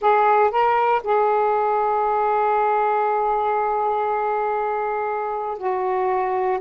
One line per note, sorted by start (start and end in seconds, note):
0.01 0.50 G#4
0.50 1.01 A#4
1.03 5.57 G#4
5.57 6.59 F#4